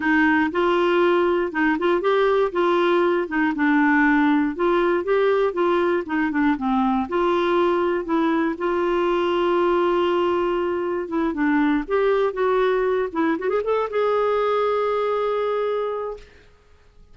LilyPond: \new Staff \with { instrumentName = "clarinet" } { \time 4/4 \tempo 4 = 119 dis'4 f'2 dis'8 f'8 | g'4 f'4. dis'8 d'4~ | d'4 f'4 g'4 f'4 | dis'8 d'8 c'4 f'2 |
e'4 f'2.~ | f'2 e'8 d'4 g'8~ | g'8 fis'4. e'8 fis'16 gis'16 a'8 gis'8~ | gis'1 | }